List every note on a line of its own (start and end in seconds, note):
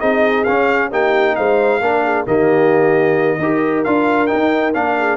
0.00 0.47 C4
0.00 0.46 D#4
0.00 0.90 G#4
0.00 0.44 D#5
0.44 0.92 C#4
0.44 0.89 F5
0.91 1.37 A#3
0.91 1.82 D#4
0.91 1.36 G4
0.91 1.36 G5
1.36 1.81 G#3
1.36 1.81 C5
1.36 2.26 F5
1.81 2.26 A#3
1.81 2.27 D4
1.81 2.03 A#4
2.04 2.26 G#4
2.27 3.39 D#3
2.27 3.40 A#3
2.27 3.39 G4
2.27 3.84 D#5
3.39 3.85 D#4
3.39 3.86 G4
3.39 4.98 A#4
3.84 4.32 D4
3.84 4.28 F4
3.84 4.27 F5
4.27 4.73 D#4
4.27 4.73 G5
4.34 4.75 D#4
4.75 5.17 A#3
4.75 5.17 D4
4.75 5.17 F5
4.98 5.17 G#4